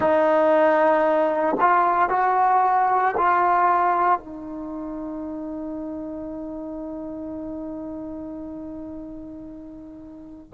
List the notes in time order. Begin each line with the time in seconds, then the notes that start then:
0.00 D#4
1.60 F4
2.09 F#4
3.17 F4
4.19 D#4